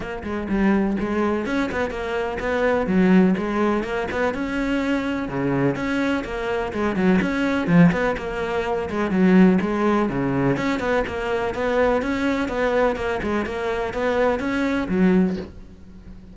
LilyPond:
\new Staff \with { instrumentName = "cello" } { \time 4/4 \tempo 4 = 125 ais8 gis8 g4 gis4 cis'8 b8 | ais4 b4 fis4 gis4 | ais8 b8 cis'2 cis4 | cis'4 ais4 gis8 fis8 cis'4 |
f8 b8 ais4. gis8 fis4 | gis4 cis4 cis'8 b8 ais4 | b4 cis'4 b4 ais8 gis8 | ais4 b4 cis'4 fis4 | }